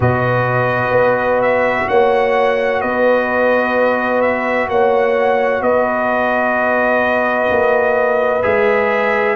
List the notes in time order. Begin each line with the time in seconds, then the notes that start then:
0.00 B2 F#4 B4 D#5
0.90 B3
1.41 E5
1.88 A#3 C#5 F#5
2.81 B3 B4 D#5
4.21 E5
4.69 A#3 C#5 F#5
5.61 B3 B4 D#5
7.50 A#3
8.42 G#3 G#4 E5